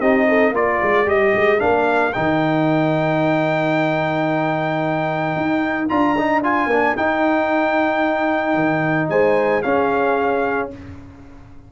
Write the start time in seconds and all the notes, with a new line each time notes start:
0.00 C4 D#4 G4 D#5
0.28 A4
0.51 A#3 F4 A#4 D5
0.82 G#3
1.06 G3 G4 D#5
1.34 G#3
1.58 A#3 D4 F5
2.13 D#3 D#4 G5
5.36 D#4
5.89 D4 F4 A#5
6.18 D#4
6.43 F4 G#5
6.67 A#3 D4
6.96 D#4 G5
8.54 D#3
9.09 G#3 C5 G#5
9.62 C#4 G#4 F5